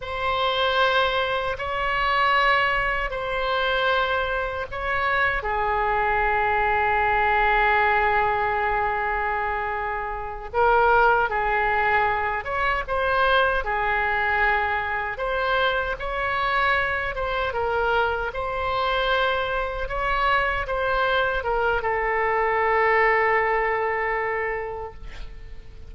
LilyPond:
\new Staff \with { instrumentName = "oboe" } { \time 4/4 \tempo 4 = 77 c''2 cis''2 | c''2 cis''4 gis'4~ | gis'1~ | gis'4. ais'4 gis'4. |
cis''8 c''4 gis'2 c''8~ | c''8 cis''4. c''8 ais'4 c''8~ | c''4. cis''4 c''4 ais'8 | a'1 | }